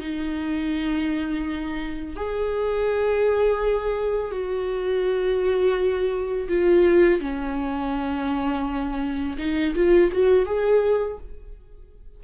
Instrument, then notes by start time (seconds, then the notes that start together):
viola
0.00 D#4
2.16 G#4
4.31 F#4
6.49 F4
7.21 C#4
9.38 D#4
9.75 F4
10.12 F#4
10.46 G#4